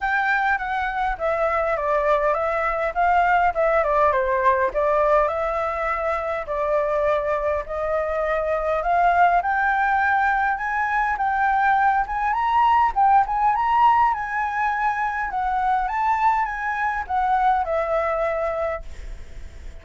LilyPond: \new Staff \with { instrumentName = "flute" } { \time 4/4 \tempo 4 = 102 g''4 fis''4 e''4 d''4 | e''4 f''4 e''8 d''8 c''4 | d''4 e''2 d''4~ | d''4 dis''2 f''4 |
g''2 gis''4 g''4~ | g''8 gis''8 ais''4 g''8 gis''8 ais''4 | gis''2 fis''4 a''4 | gis''4 fis''4 e''2 | }